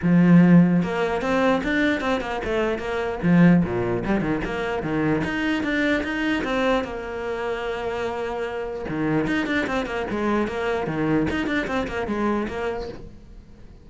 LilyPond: \new Staff \with { instrumentName = "cello" } { \time 4/4 \tempo 4 = 149 f2 ais4 c'4 | d'4 c'8 ais8 a4 ais4 | f4 ais,4 g8 dis8 ais4 | dis4 dis'4 d'4 dis'4 |
c'4 ais2.~ | ais2 dis4 dis'8 d'8 | c'8 ais8 gis4 ais4 dis4 | dis'8 d'8 c'8 ais8 gis4 ais4 | }